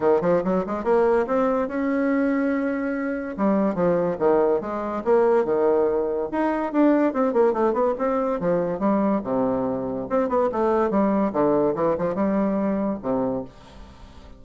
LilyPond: \new Staff \with { instrumentName = "bassoon" } { \time 4/4 \tempo 4 = 143 dis8 f8 fis8 gis8 ais4 c'4 | cis'1 | g4 f4 dis4 gis4 | ais4 dis2 dis'4 |
d'4 c'8 ais8 a8 b8 c'4 | f4 g4 c2 | c'8 b8 a4 g4 d4 | e8 f8 g2 c4 | }